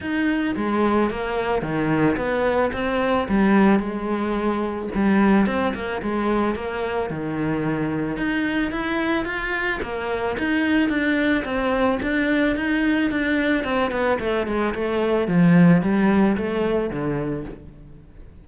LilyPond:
\new Staff \with { instrumentName = "cello" } { \time 4/4 \tempo 4 = 110 dis'4 gis4 ais4 dis4 | b4 c'4 g4 gis4~ | gis4 g4 c'8 ais8 gis4 | ais4 dis2 dis'4 |
e'4 f'4 ais4 dis'4 | d'4 c'4 d'4 dis'4 | d'4 c'8 b8 a8 gis8 a4 | f4 g4 a4 d4 | }